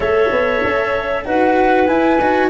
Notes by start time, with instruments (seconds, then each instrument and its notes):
0.00 tuba A3, cello A4, clarinet C#5, flute E5
0.31 tuba B3
0.63 tuba C#4
1.24 tuba D#4, cello F#4, clarinet B4, flute F#5
1.86 cello E4, tuba E4, flute G#5
2.20 tuba D#4, cello F#4